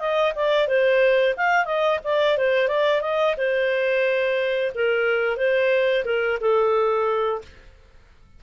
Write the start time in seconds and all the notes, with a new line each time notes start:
0.00 D#5
0.36 D5
0.68 C5
1.37 F5
1.66 D#5
2.04 D5
2.38 C5
2.68 D5
3.02 D#5
3.38 C5
4.76 A#4
5.37 C5
6.06 A#4
6.41 A4